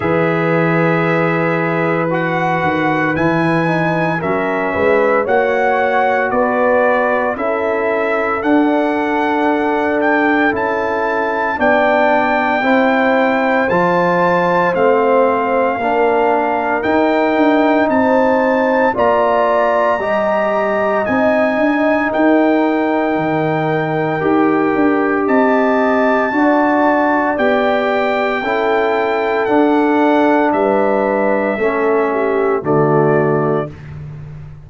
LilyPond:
<<
  \new Staff \with { instrumentName = "trumpet" } { \time 4/4 \tempo 4 = 57 e''2 fis''4 gis''4 | e''4 fis''4 d''4 e''4 | fis''4. g''8 a''4 g''4~ | g''4 a''4 f''2 |
g''4 a''4 ais''2 | gis''4 g''2. | a''2 g''2 | fis''4 e''2 d''4 | }
  \new Staff \with { instrumentName = "horn" } { \time 4/4 b'1 | ais'8 b'8 cis''4 b'4 a'4~ | a'2. d''4 | c''2. ais'4~ |
ais'4 c''4 d''4 dis''4~ | dis''4 ais'2. | dis''4 d''2 a'4~ | a'4 b'4 a'8 g'8 fis'4 | }
  \new Staff \with { instrumentName = "trombone" } { \time 4/4 gis'2 fis'4 e'8 dis'8 | cis'4 fis'2 e'4 | d'2 e'4 d'4 | e'4 f'4 c'4 d'4 |
dis'2 f'4 g'4 | dis'2. g'4~ | g'4 fis'4 g'4 e'4 | d'2 cis'4 a4 | }
  \new Staff \with { instrumentName = "tuba" } { \time 4/4 e2~ e8 dis8 e4 | fis8 gis8 ais4 b4 cis'4 | d'2 cis'4 b4 | c'4 f4 a4 ais4 |
dis'8 d'8 c'4 ais4 g4 | c'8 d'8 dis'4 dis4 dis'8 d'8 | c'4 d'4 b4 cis'4 | d'4 g4 a4 d4 | }
>>